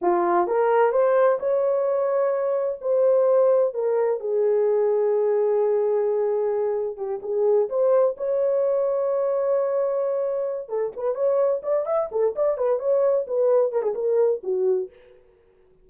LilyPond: \new Staff \with { instrumentName = "horn" } { \time 4/4 \tempo 4 = 129 f'4 ais'4 c''4 cis''4~ | cis''2 c''2 | ais'4 gis'2.~ | gis'2. g'8 gis'8~ |
gis'8 c''4 cis''2~ cis''8~ | cis''2. a'8 b'8 | cis''4 d''8 e''8 a'8 d''8 b'8 cis''8~ | cis''8 b'4 ais'16 gis'16 ais'4 fis'4 | }